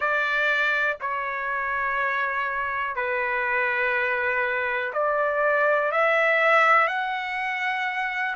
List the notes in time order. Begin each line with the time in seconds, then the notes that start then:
0.00 D5
1.00 C#5
2.95 B4
4.93 D5
5.91 E5
6.87 F#5